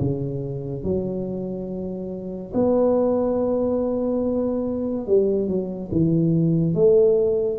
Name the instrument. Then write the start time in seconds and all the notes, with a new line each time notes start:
tuba
0.00 C#3
0.84 F#3
2.54 B3
5.07 G3
5.48 F#3
5.92 E3
6.75 A3